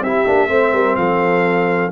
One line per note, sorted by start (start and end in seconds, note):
0.00 0.24 C4
0.00 0.26 E4
0.00 0.50 G4
0.00 0.96 E5
0.26 0.49 A#3
0.26 0.48 D4
0.48 0.73 A3
0.48 1.91 C4
0.48 0.73 C5
0.73 0.97 G3
0.73 0.97 A#4
0.96 1.92 F3
0.96 1.92 A4
0.96 1.91 F5